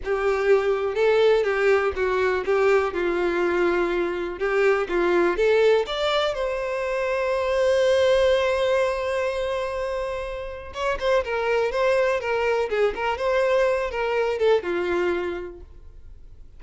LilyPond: \new Staff \with { instrumentName = "violin" } { \time 4/4 \tempo 4 = 123 g'2 a'4 g'4 | fis'4 g'4 f'2~ | f'4 g'4 f'4 a'4 | d''4 c''2.~ |
c''1~ | c''2 cis''8 c''8 ais'4 | c''4 ais'4 gis'8 ais'8 c''4~ | c''8 ais'4 a'8 f'2 | }